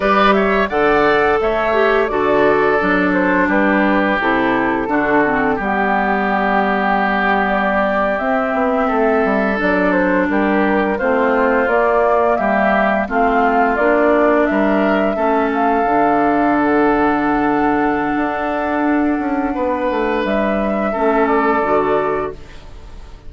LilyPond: <<
  \new Staff \with { instrumentName = "flute" } { \time 4/4 \tempo 4 = 86 d''8 e''8 fis''4 e''4 d''4~ | d''8 c''8 b'4 a'2 | g'2~ g'8. d''4 e''16~ | e''4.~ e''16 d''8 c''8 ais'4 c''16~ |
c''8. d''4 e''4 f''4 d''16~ | d''8. e''4. f''4. fis''16~ | fis''1~ | fis''4 e''4. d''4. | }
  \new Staff \with { instrumentName = "oboe" } { \time 4/4 b'8 cis''8 d''4 cis''4 a'4~ | a'4 g'2 fis'4 | g'1~ | g'8. a'2 g'4 f'16~ |
f'4.~ f'16 g'4 f'4~ f'16~ | f'8. ais'4 a'2~ a'16~ | a'1 | b'2 a'2 | }
  \new Staff \with { instrumentName = "clarinet" } { \time 4/4 g'4 a'4. g'8 fis'4 | d'2 e'4 d'8 c'8 | b2.~ b8. c'16~ | c'4.~ c'16 d'2 c'16~ |
c'8. ais2 c'4 d'16~ | d'4.~ d'16 cis'4 d'4~ d'16~ | d'1~ | d'2 cis'4 fis'4 | }
  \new Staff \with { instrumentName = "bassoon" } { \time 4/4 g4 d4 a4 d4 | fis4 g4 c4 d4 | g2.~ g8. c'16~ | c'16 b8 a8 g8 fis4 g4 a16~ |
a8. ais4 g4 a4 ais16~ | ais8. g4 a4 d4~ d16~ | d2 d'4. cis'8 | b8 a8 g4 a4 d4 | }
>>